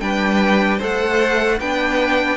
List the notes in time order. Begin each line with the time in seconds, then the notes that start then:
0.00 G3 D4 B4 G5
0.78 A3 A4 C5 F#5
1.60 B3 D4 B4 G5